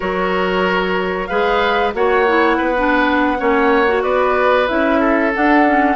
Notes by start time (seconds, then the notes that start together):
0.00 F#3 F#4 A#4 C#5
1.26 G#3 G#4 B4 F5
1.93 A#3 F#4 C#5 F#5
2.26 E4
2.57 B3 B4
2.77 D4
3.37 A#3 C#4 C#5
3.87 F#4
4.03 B3 B4 D5
4.67 C#4 E4 E5
4.99 A4
5.33 D4 F#5
5.65 C#4